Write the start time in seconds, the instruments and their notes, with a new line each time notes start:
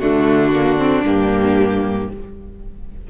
0.00 cello D3, viola A3, violin D4 F#4
0.53 viola A#3
0.78 viola C4
1.03 cello G2, viola A#3, violin G4